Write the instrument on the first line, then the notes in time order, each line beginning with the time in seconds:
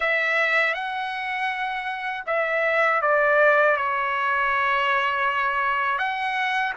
trumpet
0.00 E5
0.74 F#5
2.26 E5
3.01 D5
3.76 C#5
5.98 F#5